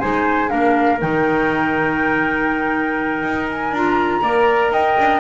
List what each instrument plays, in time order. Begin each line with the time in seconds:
0.00 double bass G#3, clarinet D#4, trumpet C5, flute G#5
0.48 double bass A#3, clarinet D4, trumpet A#4, flute F5
1.00 double bass D#3, clarinet D#4, flute G5
3.23 double bass D#4
3.50 flute G#5
3.71 double bass D4, clarinet F4, flute A#5
4.22 double bass A#3, clarinet A#4, trumpet D5
4.72 double bass D#4, trumpet D#5, flute G5
4.98 double bass D4